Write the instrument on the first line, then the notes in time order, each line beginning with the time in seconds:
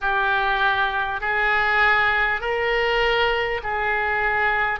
oboe
0.01 G4
1.21 G#4
2.40 A#4
3.63 G#4